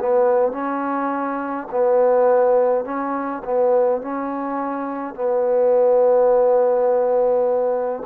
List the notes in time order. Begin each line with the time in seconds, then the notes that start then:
0.00 B3
0.52 C#4
1.71 B3
2.85 C#4
3.45 B3
4.02 C#4
5.15 B3